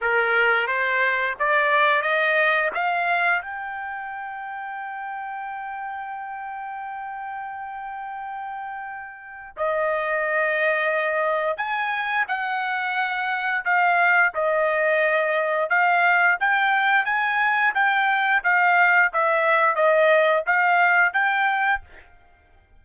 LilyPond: \new Staff \with { instrumentName = "trumpet" } { \time 4/4 \tempo 4 = 88 ais'4 c''4 d''4 dis''4 | f''4 g''2.~ | g''1~ | g''2 dis''2~ |
dis''4 gis''4 fis''2 | f''4 dis''2 f''4 | g''4 gis''4 g''4 f''4 | e''4 dis''4 f''4 g''4 | }